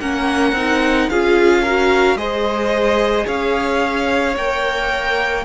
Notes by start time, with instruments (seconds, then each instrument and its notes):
0.00 cello A#3, viola C#4, violin A#4 F#5
0.52 cello C4, viola D#4
1.10 cello C#4, viola F4, violin G#4 F5
1.63 viola F#4, violin A#4
2.16 cello G#3, viola G#4, violin C5 D#5
3.27 cello C#4, violin C#5 F5
4.37 cello A#3, viola A#4, violin G5